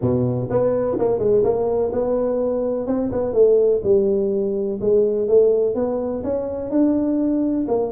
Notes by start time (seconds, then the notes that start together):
0.01 B2
0.50 B3
0.98 A#3
1.19 G#3
1.43 A#3
1.92 B3
2.87 C4
3.12 B3
3.33 A3
3.83 G3
4.80 G#3
5.28 A3
5.74 B3
6.23 C#4
6.70 D4
7.68 A#3